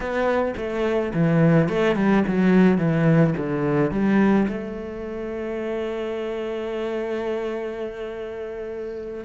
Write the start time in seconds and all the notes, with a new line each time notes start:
0.00 B3
0.56 A3
1.13 E3
1.68 A3
1.95 G3
2.27 F#3
2.78 E3
3.37 D3
3.91 G3
4.48 A3